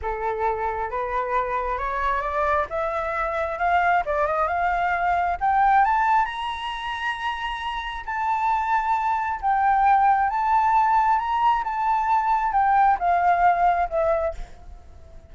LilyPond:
\new Staff \with { instrumentName = "flute" } { \time 4/4 \tempo 4 = 134 a'2 b'2 | cis''4 d''4 e''2 | f''4 d''8 dis''8 f''2 | g''4 a''4 ais''2~ |
ais''2 a''2~ | a''4 g''2 a''4~ | a''4 ais''4 a''2 | g''4 f''2 e''4 | }